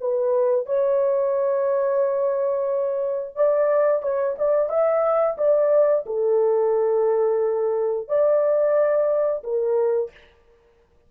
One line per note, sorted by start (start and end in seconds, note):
0.00 0.66 B4
0.66 3.35 C#5
3.35 4.02 D5
4.02 4.36 C#5
4.38 4.69 D5
4.69 5.36 E5
5.37 6.05 D5
6.06 8.08 A4
8.08 9.43 D5
9.43 10.11 A#4